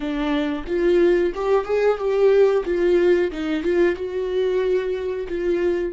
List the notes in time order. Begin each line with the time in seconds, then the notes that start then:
0.00 D4
0.67 F4
1.34 G4
1.65 G#4
1.98 G4
2.65 F4
3.31 D#4
3.63 F4
3.95 F#4
5.28 F4